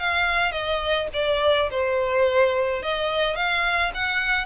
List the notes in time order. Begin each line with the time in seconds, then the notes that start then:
0.00 F5
0.52 D#5
1.14 D5
1.71 C5
2.83 D#5
3.36 F5
3.95 F#5